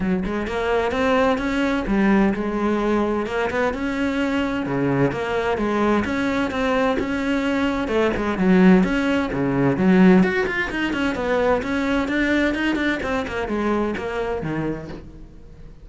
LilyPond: \new Staff \with { instrumentName = "cello" } { \time 4/4 \tempo 4 = 129 fis8 gis8 ais4 c'4 cis'4 | g4 gis2 ais8 b8 | cis'2 cis4 ais4 | gis4 cis'4 c'4 cis'4~ |
cis'4 a8 gis8 fis4 cis'4 | cis4 fis4 fis'8 f'8 dis'8 cis'8 | b4 cis'4 d'4 dis'8 d'8 | c'8 ais8 gis4 ais4 dis4 | }